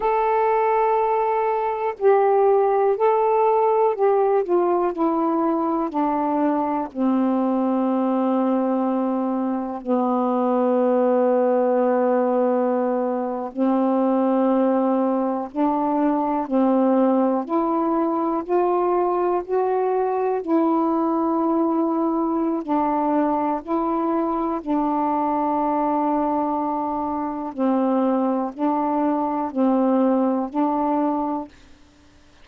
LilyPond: \new Staff \with { instrumentName = "saxophone" } { \time 4/4 \tempo 4 = 61 a'2 g'4 a'4 | g'8 f'8 e'4 d'4 c'4~ | c'2 b2~ | b4.~ b16 c'2 d'16~ |
d'8. c'4 e'4 f'4 fis'16~ | fis'8. e'2~ e'16 d'4 | e'4 d'2. | c'4 d'4 c'4 d'4 | }